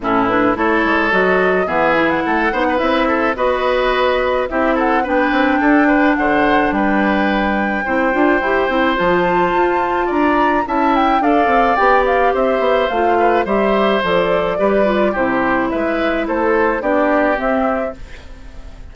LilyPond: <<
  \new Staff \with { instrumentName = "flute" } { \time 4/4 \tempo 4 = 107 a'8 b'8 cis''4 dis''4 e''8. fis''16~ | fis''4 e''4 dis''2 | e''8 fis''8 g''2 fis''4 | g''1 |
a''2 ais''4 a''8 g''8 | f''4 g''8 f''8 e''4 f''4 | e''4 d''2 c''4 | e''4 c''4 d''4 e''4 | }
  \new Staff \with { instrumentName = "oboe" } { \time 4/4 e'4 a'2 gis'4 | a'8 c''16 b'8. a'8 b'2 | g'8 a'8 b'4 a'8 b'8 c''4 | b'2 c''2~ |
c''2 d''4 e''4 | d''2 c''4. b'8 | c''2 b'4 g'4 | b'4 a'4 g'2 | }
  \new Staff \with { instrumentName = "clarinet" } { \time 4/4 cis'8 d'8 e'4 fis'4 b8 e'8~ | e'8 dis'8 e'4 fis'2 | e'4 d'2.~ | d'2 e'8 f'8 g'8 e'8 |
f'2. e'4 | a'4 g'2 f'4 | g'4 a'4 g'8 f'8 e'4~ | e'2 d'4 c'4 | }
  \new Staff \with { instrumentName = "bassoon" } { \time 4/4 a,4 a8 gis8 fis4 e4 | a8 b8 c'4 b2 | c'4 b8 c'8 d'4 d4 | g2 c'8 d'8 e'8 c'8 |
f4 f'4 d'4 cis'4 | d'8 c'8 b4 c'8 b8 a4 | g4 f4 g4 c4 | gis4 a4 b4 c'4 | }
>>